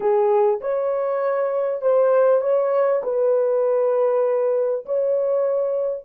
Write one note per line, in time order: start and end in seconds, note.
0.00 0.60 G#4
0.60 1.81 C#5
1.81 2.41 C5
2.41 3.01 C#5
3.03 4.85 B4
4.85 6.04 C#5